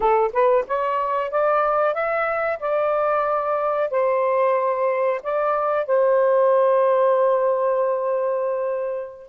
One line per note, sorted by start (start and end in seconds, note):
0.00 0.31 A4
0.32 0.65 B4
0.67 1.30 C#5
1.30 1.94 D5
1.94 2.59 E5
2.59 3.90 D5
3.90 5.21 C5
5.22 5.85 D5
5.85 9.28 C5